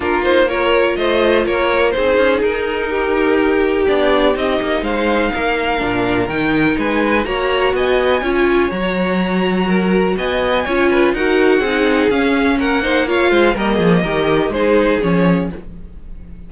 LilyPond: <<
  \new Staff \with { instrumentName = "violin" } { \time 4/4 \tempo 4 = 124 ais'8 c''8 cis''4 dis''4 cis''4 | c''4 ais'2. | d''4 dis''4 f''2~ | f''4 g''4 gis''4 ais''4 |
gis''2 ais''2~ | ais''4 gis''2 fis''4~ | fis''4 f''4 fis''4 f''4 | dis''2 c''4 cis''4 | }
  \new Staff \with { instrumentName = "violin" } { \time 4/4 f'4 ais'4 c''4 ais'4 | gis'2 g'2~ | g'2 c''4 ais'4~ | ais'2 b'4 cis''4 |
dis''4 cis''2. | ais'4 dis''4 cis''8 b'8 ais'4 | gis'2 ais'8 c''8 cis''8 c''8 | ais'8 gis'8 ais'4 gis'2 | }
  \new Staff \with { instrumentName = "viola" } { \time 4/4 d'8 dis'8 f'2. | dis'1 | d'4 dis'2. | d'4 dis'2 fis'4~ |
fis'4 f'4 fis'2~ | fis'2 f'4 fis'4 | dis'4 cis'4. dis'8 f'4 | ais4 g'4 dis'4 cis'4 | }
  \new Staff \with { instrumentName = "cello" } { \time 4/4 ais2 a4 ais4 | c'8 cis'8 dis'2. | b4 c'8 ais8 gis4 ais4 | ais,4 dis4 gis4 ais4 |
b4 cis'4 fis2~ | fis4 b4 cis'4 dis'4 | c'4 cis'4 ais4. gis8 | g8 f8 dis4 gis4 f4 | }
>>